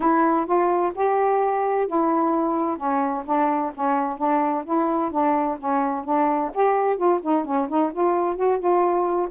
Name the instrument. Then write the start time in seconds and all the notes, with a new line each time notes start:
saxophone
0.00 E4
0.45 F4
0.94 G4
1.87 E4
2.77 C#4
3.25 D4
3.74 C#4
4.17 D4
4.64 E4
5.11 D4
5.59 C#4
6.04 D4
6.54 G4
6.96 F4
7.22 D#4
7.44 C#4
7.68 D#4
7.92 F4
8.36 F#4
8.59 F4